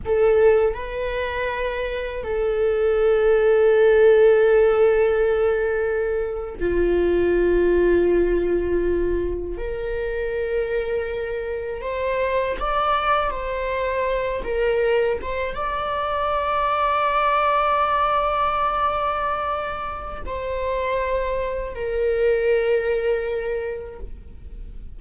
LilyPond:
\new Staff \with { instrumentName = "viola" } { \time 4/4 \tempo 4 = 80 a'4 b'2 a'4~ | a'1~ | a'8. f'2.~ f'16~ | f'8. ais'2. c''16~ |
c''8. d''4 c''4. ais'8.~ | ais'16 c''8 d''2.~ d''16~ | d''2. c''4~ | c''4 ais'2. | }